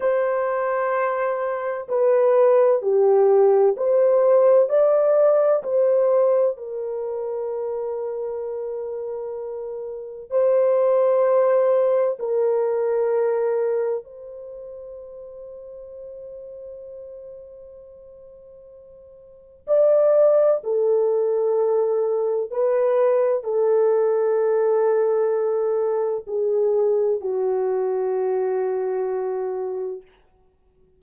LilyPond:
\new Staff \with { instrumentName = "horn" } { \time 4/4 \tempo 4 = 64 c''2 b'4 g'4 | c''4 d''4 c''4 ais'4~ | ais'2. c''4~ | c''4 ais'2 c''4~ |
c''1~ | c''4 d''4 a'2 | b'4 a'2. | gis'4 fis'2. | }